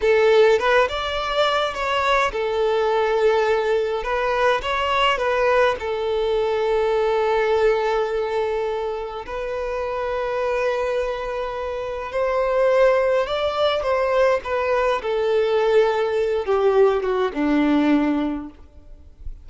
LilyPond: \new Staff \with { instrumentName = "violin" } { \time 4/4 \tempo 4 = 104 a'4 b'8 d''4. cis''4 | a'2. b'4 | cis''4 b'4 a'2~ | a'1 |
b'1~ | b'4 c''2 d''4 | c''4 b'4 a'2~ | a'8 g'4 fis'8 d'2 | }